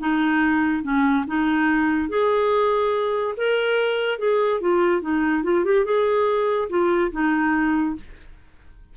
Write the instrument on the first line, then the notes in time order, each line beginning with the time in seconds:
clarinet
0.00 D#4
0.83 C#4
1.27 D#4
2.09 G#4
3.37 A#4
4.19 G#4
4.61 F4
5.02 D#4
5.43 F4
5.64 G4
5.85 G#4
6.69 F4
7.12 D#4